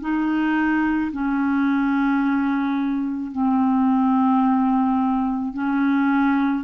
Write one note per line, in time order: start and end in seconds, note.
0.00 1.11 D#4
1.12 3.31 C#4
3.31 5.53 C4
5.53 6.64 C#4